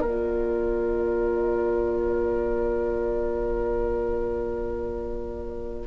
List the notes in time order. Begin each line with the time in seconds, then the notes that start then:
0.00 A#3 F4 A#4 D5